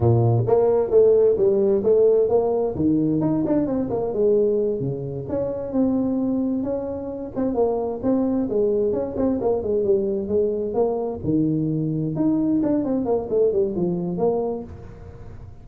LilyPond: \new Staff \with { instrumentName = "tuba" } { \time 4/4 \tempo 4 = 131 ais,4 ais4 a4 g4 | a4 ais4 dis4 dis'8 d'8 | c'8 ais8 gis4. cis4 cis'8~ | cis'8 c'2 cis'4. |
c'8 ais4 c'4 gis4 cis'8 | c'8 ais8 gis8 g4 gis4 ais8~ | ais8 dis2 dis'4 d'8 | c'8 ais8 a8 g8 f4 ais4 | }